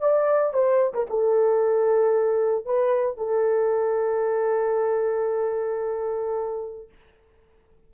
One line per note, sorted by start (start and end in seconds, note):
0.00 0.53 D5
0.53 0.93 C5
0.93 1.07 A#4
1.09 2.65 A4
2.65 3.17 B4
3.17 6.89 A4